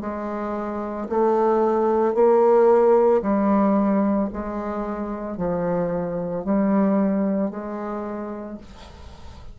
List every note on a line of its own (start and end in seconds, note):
0.00 1.07 G#3
1.09 2.14 A3
2.14 3.21 A#3
3.21 4.29 G3
4.32 5.37 G#3
5.37 6.44 F3
6.44 7.50 G3
7.50 8.57 G#3